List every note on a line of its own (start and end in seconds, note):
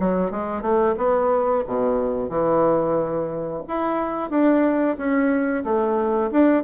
0.00 0.31 F#3
0.31 0.62 G#3
0.62 0.95 A3
0.98 1.64 B3
1.67 2.29 B2
2.29 3.63 E3
3.68 4.31 E4
4.31 4.97 D4
4.98 5.64 C#4
5.64 6.31 A3
6.32 6.64 D4